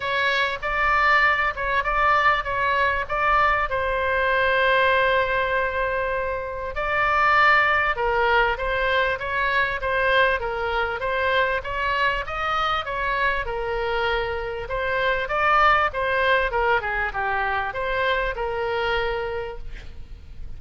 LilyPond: \new Staff \with { instrumentName = "oboe" } { \time 4/4 \tempo 4 = 98 cis''4 d''4. cis''8 d''4 | cis''4 d''4 c''2~ | c''2. d''4~ | d''4 ais'4 c''4 cis''4 |
c''4 ais'4 c''4 cis''4 | dis''4 cis''4 ais'2 | c''4 d''4 c''4 ais'8 gis'8 | g'4 c''4 ais'2 | }